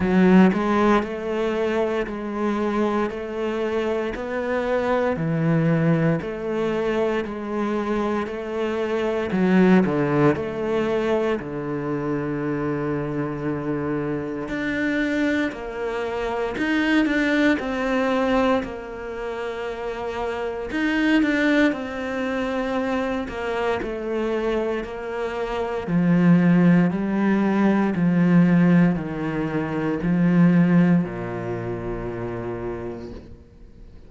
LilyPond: \new Staff \with { instrumentName = "cello" } { \time 4/4 \tempo 4 = 58 fis8 gis8 a4 gis4 a4 | b4 e4 a4 gis4 | a4 fis8 d8 a4 d4~ | d2 d'4 ais4 |
dis'8 d'8 c'4 ais2 | dis'8 d'8 c'4. ais8 a4 | ais4 f4 g4 f4 | dis4 f4 ais,2 | }